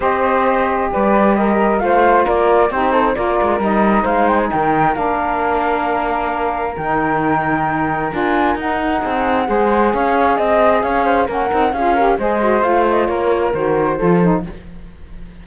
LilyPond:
<<
  \new Staff \with { instrumentName = "flute" } { \time 4/4 \tempo 4 = 133 dis''2 d''4 dis''4 | f''4 d''4 c''4 d''4 | dis''4 f''8 g''16 gis''16 g''4 f''4~ | f''2. g''4~ |
g''2 gis''4 fis''4~ | fis''2 f''4 dis''4 | f''4 fis''4 f''4 dis''4 | f''8 dis''8 cis''4 c''2 | }
  \new Staff \with { instrumentName = "flute" } { \time 4/4 c''2 b'4 ais'4 | c''4 ais'4 g'8 a'8 ais'4~ | ais'4 c''4 ais'2~ | ais'1~ |
ais'1 | gis'4 c''4 cis''4 dis''4 | cis''8 c''8 ais'4 gis'8 ais'8 c''4~ | c''4 ais'2 a'4 | }
  \new Staff \with { instrumentName = "saxophone" } { \time 4/4 g'1 | f'2 dis'4 f'4 | dis'2. d'4~ | d'2. dis'4~ |
dis'2 f'4 dis'4~ | dis'4 gis'2.~ | gis'4 cis'8 dis'8 f'8 g'8 gis'8 fis'8 | f'2 fis'4 f'8 dis'8 | }
  \new Staff \with { instrumentName = "cello" } { \time 4/4 c'2 g2 | a4 ais4 c'4 ais8 gis8 | g4 gis4 dis4 ais4~ | ais2. dis4~ |
dis2 d'4 dis'4 | c'4 gis4 cis'4 c'4 | cis'4 ais8 c'8 cis'4 gis4 | a4 ais4 dis4 f4 | }
>>